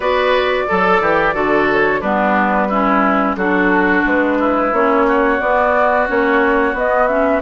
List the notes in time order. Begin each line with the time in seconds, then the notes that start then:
0.00 B3 F#4 B4 D5
0.68 F#3 A4
1.00 E3 G4
1.34 D3 F#4 A4
1.71 C#5
2.00 G3 B3 D4 B4
2.68 C#4 E4
3.36 F#3 D4 F#4 A4
4.05 G#3 B4
4.39 E4
4.72 A#3 C#4 C#5
5.07 F#4
5.40 B3 D5
6.07 A#3 C#4 C#5
6.73 B3 D#5
7.07 C#4 E5